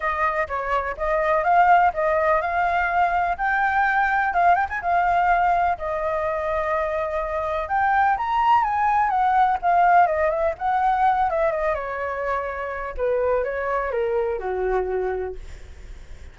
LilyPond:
\new Staff \with { instrumentName = "flute" } { \time 4/4 \tempo 4 = 125 dis''4 cis''4 dis''4 f''4 | dis''4 f''2 g''4~ | g''4 f''8 g''16 gis''16 f''2 | dis''1 |
g''4 ais''4 gis''4 fis''4 | f''4 dis''8 e''8 fis''4. e''8 | dis''8 cis''2~ cis''8 b'4 | cis''4 ais'4 fis'2 | }